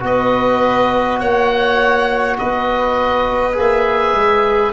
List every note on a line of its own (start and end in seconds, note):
0.00 1.21 B3
0.00 3.53 F#4
0.00 1.20 B4
0.00 1.20 D#5
1.20 2.38 A#3
1.20 2.37 C#5
1.20 2.38 F#5
2.38 3.58 B3
2.38 4.73 B4
2.38 3.56 D#5
3.54 4.13 A#3
3.54 4.71 G#4
3.54 4.73 E5
4.13 4.72 G#3